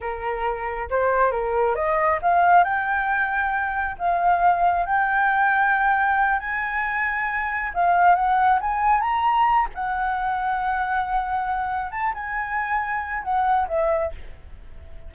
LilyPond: \new Staff \with { instrumentName = "flute" } { \time 4/4 \tempo 4 = 136 ais'2 c''4 ais'4 | dis''4 f''4 g''2~ | g''4 f''2 g''4~ | g''2~ g''8 gis''4.~ |
gis''4. f''4 fis''4 gis''8~ | gis''8 ais''4. fis''2~ | fis''2. a''8 gis''8~ | gis''2 fis''4 e''4 | }